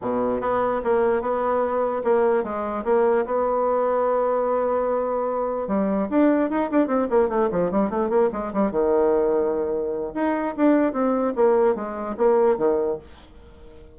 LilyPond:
\new Staff \with { instrumentName = "bassoon" } { \time 4/4 \tempo 4 = 148 b,4 b4 ais4 b4~ | b4 ais4 gis4 ais4 | b1~ | b2 g4 d'4 |
dis'8 d'8 c'8 ais8 a8 f8 g8 a8 | ais8 gis8 g8 dis2~ dis8~ | dis4 dis'4 d'4 c'4 | ais4 gis4 ais4 dis4 | }